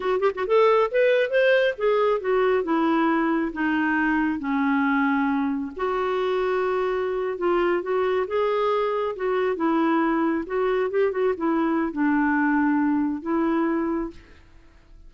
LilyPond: \new Staff \with { instrumentName = "clarinet" } { \time 4/4 \tempo 4 = 136 fis'8 g'16 fis'16 a'4 b'4 c''4 | gis'4 fis'4 e'2 | dis'2 cis'2~ | cis'4 fis'2.~ |
fis'8. f'4 fis'4 gis'4~ gis'16~ | gis'8. fis'4 e'2 fis'16~ | fis'8. g'8 fis'8 e'4~ e'16 d'4~ | d'2 e'2 | }